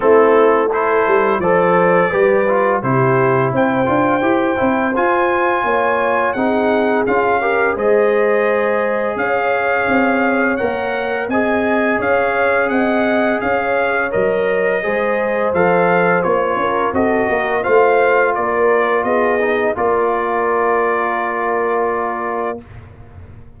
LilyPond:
<<
  \new Staff \with { instrumentName = "trumpet" } { \time 4/4 \tempo 4 = 85 a'4 c''4 d''2 | c''4 g''2 gis''4~ | gis''4 fis''4 f''4 dis''4~ | dis''4 f''2 fis''4 |
gis''4 f''4 fis''4 f''4 | dis''2 f''4 cis''4 | dis''4 f''4 d''4 dis''4 | d''1 | }
  \new Staff \with { instrumentName = "horn" } { \time 4/4 e'4 a'4 c''4 b'4 | g'4 c''2. | cis''4 gis'4. ais'8 c''4~ | c''4 cis''2. |
dis''4 cis''4 dis''4 cis''4~ | cis''4 c''2~ c''8 ais'8 | a'8 ais'8 c''4 ais'4 gis'4 | ais'1 | }
  \new Staff \with { instrumentName = "trombone" } { \time 4/4 c'4 e'4 a'4 g'8 f'8 | e'4. f'8 g'8 e'8 f'4~ | f'4 dis'4 f'8 g'8 gis'4~ | gis'2. ais'4 |
gis'1 | ais'4 gis'4 a'4 f'4 | fis'4 f'2~ f'8 dis'8 | f'1 | }
  \new Staff \with { instrumentName = "tuba" } { \time 4/4 a4. g8 f4 g4 | c4 c'8 d'8 e'8 c'8 f'4 | ais4 c'4 cis'4 gis4~ | gis4 cis'4 c'4 ais4 |
c'4 cis'4 c'4 cis'4 | fis4 gis4 f4 ais8 cis'8 | c'8 ais8 a4 ais4 b4 | ais1 | }
>>